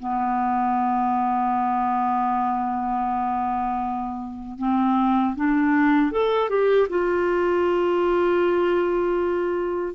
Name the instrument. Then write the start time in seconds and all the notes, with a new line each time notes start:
clarinet
0.00 B3
4.59 C4
5.36 D4
6.12 A4
6.49 G4
6.90 F4